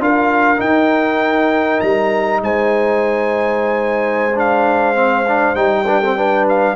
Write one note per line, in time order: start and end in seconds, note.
0.00 0.60 D4
0.00 0.57 F4
0.00 2.43 A#4
0.00 0.60 F5
0.57 4.32 D#4
0.57 1.80 D#4
0.57 1.80 G5
1.80 2.41 G3
1.80 2.41 A#5
2.41 5.55 G#3
2.41 5.85 C5
2.41 4.39 G#5
4.35 4.95 D4
4.35 5.55 F5
4.95 5.25 C4
5.28 5.55 D4
5.55 6.75 G3
5.55 5.86 D#4
5.55 6.45 G5
5.85 6.02 D4
5.85 6.00 B4
6.00 6.17 C4
6.00 6.15 A4
6.17 6.76 D4
6.17 6.76 B4
6.49 6.76 F5